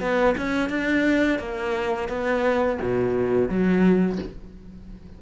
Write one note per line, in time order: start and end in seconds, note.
0.00 0.35 B3
0.37 0.69 C#4
0.69 1.39 D4
1.39 2.09 A#3
2.09 2.78 B3
2.82 3.49 B2
3.49 4.19 F#3